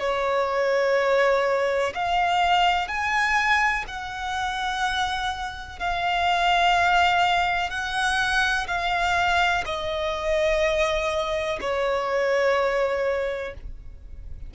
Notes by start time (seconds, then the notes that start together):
0.00 C#5
1.94 F5
2.89 G#5
3.88 F#5
5.79 F5
7.70 F#5
8.67 F5
9.66 D#5
11.61 C#5